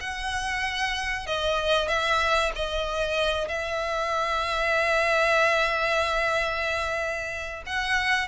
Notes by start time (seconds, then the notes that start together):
0.00 F#5
1.26 D#5
1.88 E5
2.55 D#5
3.48 E5
7.66 F#5